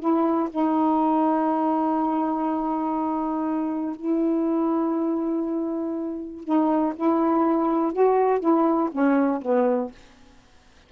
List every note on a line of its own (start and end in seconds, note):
0.00 0.50 E4
0.50 3.96 D#4
3.96 6.44 E4
6.44 6.94 D#4
6.96 7.93 E4
7.93 8.40 F#4
8.40 8.90 E4
8.92 9.42 C#4
9.42 9.92 B3